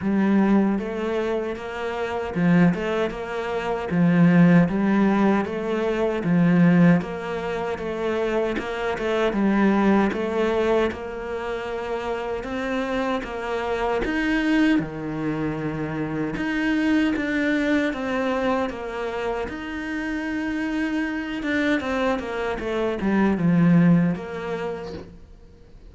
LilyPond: \new Staff \with { instrumentName = "cello" } { \time 4/4 \tempo 4 = 77 g4 a4 ais4 f8 a8 | ais4 f4 g4 a4 | f4 ais4 a4 ais8 a8 | g4 a4 ais2 |
c'4 ais4 dis'4 dis4~ | dis4 dis'4 d'4 c'4 | ais4 dis'2~ dis'8 d'8 | c'8 ais8 a8 g8 f4 ais4 | }